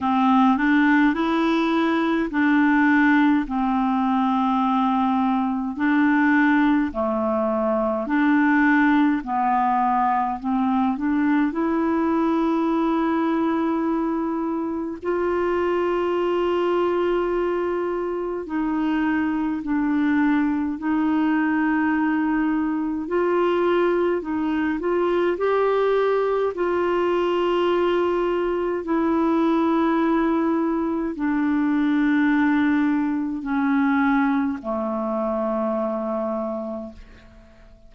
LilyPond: \new Staff \with { instrumentName = "clarinet" } { \time 4/4 \tempo 4 = 52 c'8 d'8 e'4 d'4 c'4~ | c'4 d'4 a4 d'4 | b4 c'8 d'8 e'2~ | e'4 f'2. |
dis'4 d'4 dis'2 | f'4 dis'8 f'8 g'4 f'4~ | f'4 e'2 d'4~ | d'4 cis'4 a2 | }